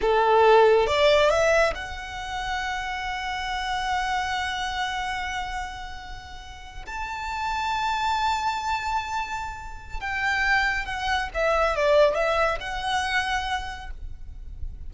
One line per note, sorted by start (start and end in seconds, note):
0.01 0.87 A4
0.87 1.29 D5
1.29 1.73 E5
1.75 6.85 F#5
6.86 10.00 A5
10.00 10.85 G5
10.85 11.29 F#5
11.34 11.76 E5
11.76 12.14 D5
12.14 12.58 E5
12.60 13.90 F#5